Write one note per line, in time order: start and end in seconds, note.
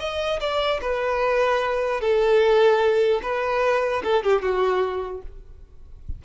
0.00 0.40 D#5
0.41 0.81 D5
0.82 2.01 B4
2.01 3.21 A4
3.23 4.03 B4
4.04 4.24 A4
4.24 4.43 G4
4.43 5.23 F#4